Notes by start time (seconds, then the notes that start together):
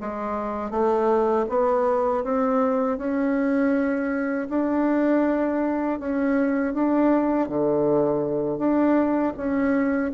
0.00 G#3
0.71 A3
1.49 B3
2.24 C4
2.97 C#4
4.49 D4
5.99 C#4
6.74 D4
7.48 D3
8.58 D4
9.36 C#4